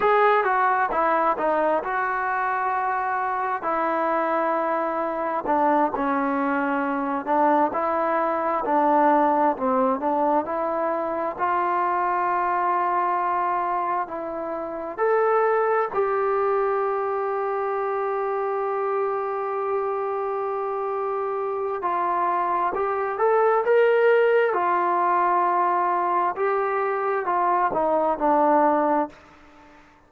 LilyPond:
\new Staff \with { instrumentName = "trombone" } { \time 4/4 \tempo 4 = 66 gis'8 fis'8 e'8 dis'8 fis'2 | e'2 d'8 cis'4. | d'8 e'4 d'4 c'8 d'8 e'8~ | e'8 f'2. e'8~ |
e'8 a'4 g'2~ g'8~ | g'1 | f'4 g'8 a'8 ais'4 f'4~ | f'4 g'4 f'8 dis'8 d'4 | }